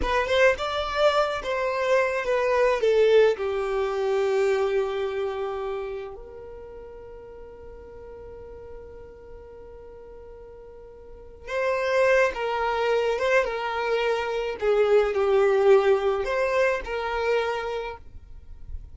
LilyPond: \new Staff \with { instrumentName = "violin" } { \time 4/4 \tempo 4 = 107 b'8 c''8 d''4. c''4. | b'4 a'4 g'2~ | g'2. ais'4~ | ais'1~ |
ais'1~ | ais'8 c''4. ais'4. c''8 | ais'2 gis'4 g'4~ | g'4 c''4 ais'2 | }